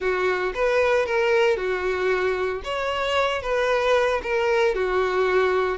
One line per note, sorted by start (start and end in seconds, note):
0.00 0.53 F#4
0.54 1.06 B4
1.06 1.56 A#4
1.56 2.62 F#4
2.63 3.42 C#5
3.42 4.21 B4
4.22 4.75 A#4
4.75 5.77 F#4